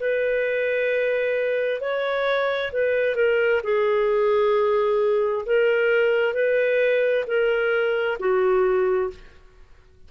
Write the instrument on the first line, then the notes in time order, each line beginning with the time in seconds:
clarinet
0.00 B4
1.81 C#5
2.72 B4
3.16 A#4
3.64 G#4
5.46 A#4
6.34 B4
7.27 A#4
8.19 F#4